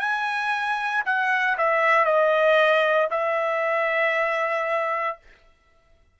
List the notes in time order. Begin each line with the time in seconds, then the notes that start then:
0.00 G#5
1.05 F#5
1.58 E5
2.05 D#5
3.11 E5